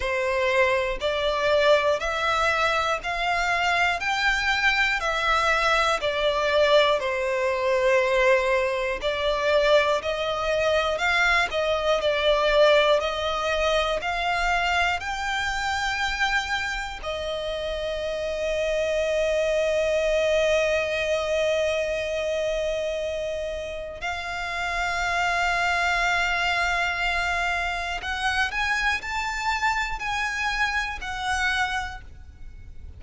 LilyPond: \new Staff \with { instrumentName = "violin" } { \time 4/4 \tempo 4 = 60 c''4 d''4 e''4 f''4 | g''4 e''4 d''4 c''4~ | c''4 d''4 dis''4 f''8 dis''8 | d''4 dis''4 f''4 g''4~ |
g''4 dis''2.~ | dis''1 | f''1 | fis''8 gis''8 a''4 gis''4 fis''4 | }